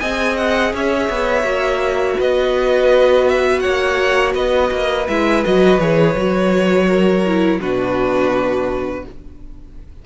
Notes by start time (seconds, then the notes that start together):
0.00 C4 G#4 D#5 G#5
0.38 F#5
0.73 C#4 C#5 E5
1.10 B3
1.43 A#3 F#4
2.19 B3 B4 D#5
3.29 E5
3.60 A#3 C#5 F#5
4.34 B3 B4 D#5
4.72 A#3
5.08 G#3 E4 E5
5.45 F#3 F#4 D#5
5.80 E3 G#4 C#5
6.16 F#3 F#4
6.87 A#4
7.26 E4
7.61 B2 D4 F#4 B4